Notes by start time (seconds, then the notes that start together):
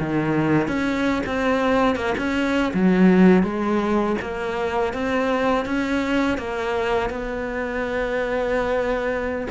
0.00 D#3
0.68 C#4
1.26 C4
1.96 A#3
2.18 C#4
2.74 F#3
3.44 G#3
4.22 A#3
4.94 C4
5.66 C#4
6.38 A#3
7.10 B3